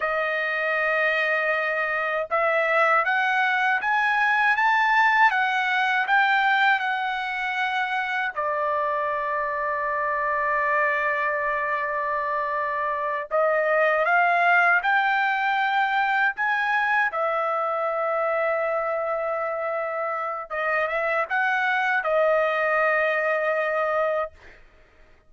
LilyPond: \new Staff \with { instrumentName = "trumpet" } { \time 4/4 \tempo 4 = 79 dis''2. e''4 | fis''4 gis''4 a''4 fis''4 | g''4 fis''2 d''4~ | d''1~ |
d''4. dis''4 f''4 g''8~ | g''4. gis''4 e''4.~ | e''2. dis''8 e''8 | fis''4 dis''2. | }